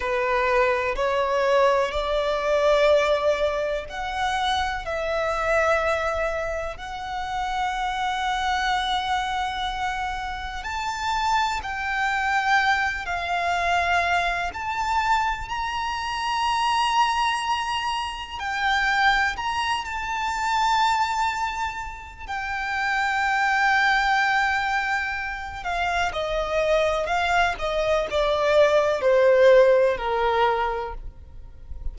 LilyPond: \new Staff \with { instrumentName = "violin" } { \time 4/4 \tempo 4 = 62 b'4 cis''4 d''2 | fis''4 e''2 fis''4~ | fis''2. a''4 | g''4. f''4. a''4 |
ais''2. g''4 | ais''8 a''2~ a''8 g''4~ | g''2~ g''8 f''8 dis''4 | f''8 dis''8 d''4 c''4 ais'4 | }